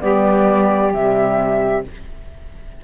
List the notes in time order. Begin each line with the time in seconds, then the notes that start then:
0.00 G3 B3 G4 D5
0.92 C3 G3 E5